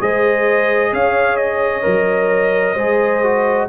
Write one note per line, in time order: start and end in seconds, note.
0.00 0.93 G#3
0.00 1.82 G#4
0.00 0.92 C5
0.00 0.94 D#5
0.92 1.85 C#4
0.92 2.75 C#5
0.92 1.37 F5
1.37 3.68 D#5
1.82 2.76 F#3
1.82 2.75 A#4
2.75 3.68 G#3
2.75 3.24 G#4
2.75 3.67 C5
3.24 3.69 F#4